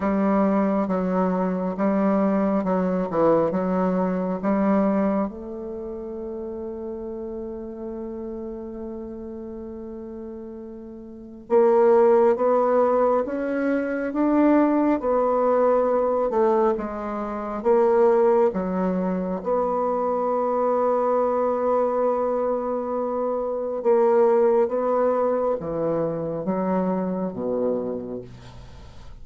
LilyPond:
\new Staff \with { instrumentName = "bassoon" } { \time 4/4 \tempo 4 = 68 g4 fis4 g4 fis8 e8 | fis4 g4 a2~ | a1~ | a4 ais4 b4 cis'4 |
d'4 b4. a8 gis4 | ais4 fis4 b2~ | b2. ais4 | b4 e4 fis4 b,4 | }